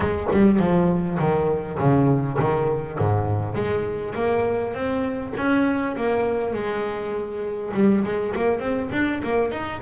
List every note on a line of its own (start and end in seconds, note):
0.00 0.27 G#3
0.31 0.59 G3
0.59 1.18 F3
1.19 1.78 D#3
1.78 2.38 C#3
2.39 2.98 D#3
2.98 3.54 G#2
3.54 4.14 G#3
4.14 4.74 A#3
4.74 5.33 C4
5.36 5.96 C#4
5.96 6.53 A#3
6.53 7.72 G#3
7.73 8.03 G3
8.04 8.33 G#3
8.35 8.59 A#3
8.59 8.89 C4
8.92 9.21 D4
9.23 9.51 A#3
9.51 9.81 D#4